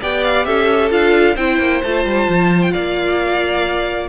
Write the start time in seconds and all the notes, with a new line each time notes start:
0.00 B3 G4 D5 G5
0.23 F5
0.44 C#4 A4 E5
0.90 D4 F4 F5
1.35 C4 E4 C5 G5
1.59 A#3
1.83 A3 F4 A5
2.05 G3
2.28 F3
2.62 G5
2.71 A#3 D5 F5